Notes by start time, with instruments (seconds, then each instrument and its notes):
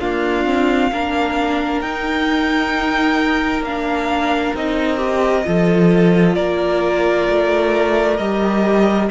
0.00 viola A#3, cello D4, violin F4 F5
0.46 viola C4
0.91 cello A#3, viola D4, violin A#4
1.81 cello D#4, viola D#4, violin G5
3.62 cello A#3, viola D4, violin F5
4.54 cello C4, viola D#4, violin D#5
4.97 viola G4
5.44 cello F3, viola F4, violin A4
6.35 cello A#3, violin A#4 D5
7.29 cello A3
8.17 cello G3, viola G4, violin D#5